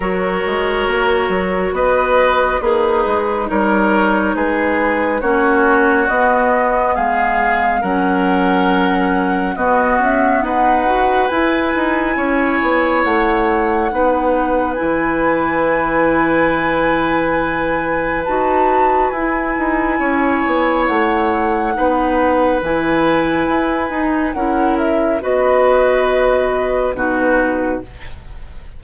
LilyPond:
<<
  \new Staff \with { instrumentName = "flute" } { \time 4/4 \tempo 4 = 69 cis''2 dis''4 b'4 | cis''4 b'4 cis''4 dis''4 | f''4 fis''2 dis''8 e''8 | fis''4 gis''2 fis''4~ |
fis''4 gis''2.~ | gis''4 a''4 gis''2 | fis''2 gis''2 | fis''8 e''8 dis''2 b'4 | }
  \new Staff \with { instrumentName = "oboe" } { \time 4/4 ais'2 b'4 dis'4 | ais'4 gis'4 fis'2 | gis'4 ais'2 fis'4 | b'2 cis''2 |
b'1~ | b'2. cis''4~ | cis''4 b'2. | ais'4 b'2 fis'4 | }
  \new Staff \with { instrumentName = "clarinet" } { \time 4/4 fis'2. gis'4 | dis'2 cis'4 b4~ | b4 cis'2 b4~ | b8 fis'8 e'2. |
dis'4 e'2.~ | e'4 fis'4 e'2~ | e'4 dis'4 e'4. dis'8 | e'4 fis'2 dis'4 | }
  \new Staff \with { instrumentName = "bassoon" } { \time 4/4 fis8 gis8 ais8 fis8 b4 ais8 gis8 | g4 gis4 ais4 b4 | gis4 fis2 b8 cis'8 | dis'4 e'8 dis'8 cis'8 b8 a4 |
b4 e2.~ | e4 dis'4 e'8 dis'8 cis'8 b8 | a4 b4 e4 e'8 dis'8 | cis'4 b2 b,4 | }
>>